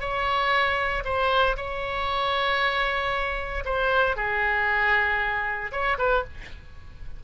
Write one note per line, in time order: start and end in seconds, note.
0.00 1.03 C#5
1.04 1.56 C5
1.57 3.64 C#5
3.65 4.16 C5
4.16 5.71 G#4
5.72 5.97 C#5
5.98 6.24 B4